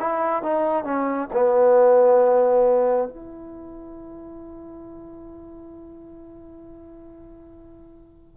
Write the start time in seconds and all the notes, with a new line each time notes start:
0.00 E4
0.43 D#4
0.85 C#4
1.34 B3
3.09 E4